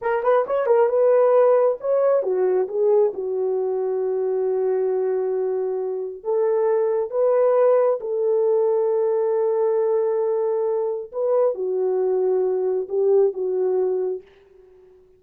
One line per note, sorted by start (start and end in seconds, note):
0.01 0.23 A#4
0.23 0.45 B4
0.46 0.66 C#5
0.66 0.88 A#4
0.88 1.77 B4
1.80 2.22 C#5
2.22 2.67 F#4
2.68 3.12 G#4
3.13 6.23 F#4
6.23 7.10 A4
7.10 7.99 B4
8.00 11.11 A4
11.12 11.54 B4
11.54 12.87 F#4
12.88 13.33 G4
13.33 14.22 F#4